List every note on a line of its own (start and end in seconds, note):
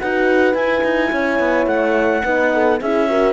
0.00 0.54 D#4
0.00 0.56 F#4
0.00 1.11 B4
0.00 0.54 F#5
0.54 0.82 E4
0.54 2.24 E4
0.54 1.66 G#5
0.83 1.11 D#4
1.11 1.39 C#4
1.11 2.23 C#5
1.39 1.66 B3
1.66 2.22 A3
1.66 2.79 F#5
2.23 2.81 B3
2.23 2.80 D#4
2.23 2.51 B4
2.53 2.80 A4
2.80 3.33 C#4
2.80 3.09 E4
2.80 3.08 G#4
2.80 3.33 E5
3.09 3.33 F#4
3.09 3.33 A#4